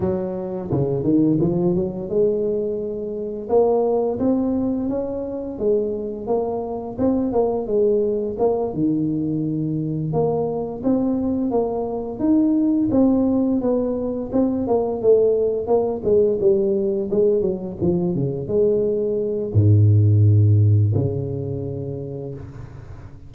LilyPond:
\new Staff \with { instrumentName = "tuba" } { \time 4/4 \tempo 4 = 86 fis4 cis8 dis8 f8 fis8 gis4~ | gis4 ais4 c'4 cis'4 | gis4 ais4 c'8 ais8 gis4 | ais8 dis2 ais4 c'8~ |
c'8 ais4 dis'4 c'4 b8~ | b8 c'8 ais8 a4 ais8 gis8 g8~ | g8 gis8 fis8 f8 cis8 gis4. | gis,2 cis2 | }